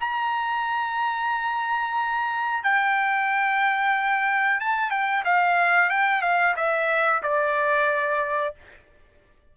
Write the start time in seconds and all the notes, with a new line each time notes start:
0.00 A#5
2.63 G5
4.60 A5
4.90 G5
5.24 F5
5.90 G5
6.22 F5
6.56 E5
7.23 D5